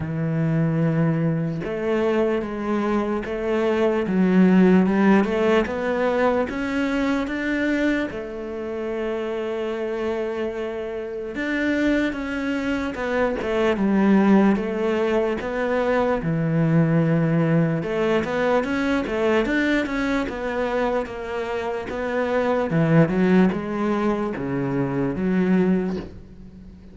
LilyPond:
\new Staff \with { instrumentName = "cello" } { \time 4/4 \tempo 4 = 74 e2 a4 gis4 | a4 fis4 g8 a8 b4 | cis'4 d'4 a2~ | a2 d'4 cis'4 |
b8 a8 g4 a4 b4 | e2 a8 b8 cis'8 a8 | d'8 cis'8 b4 ais4 b4 | e8 fis8 gis4 cis4 fis4 | }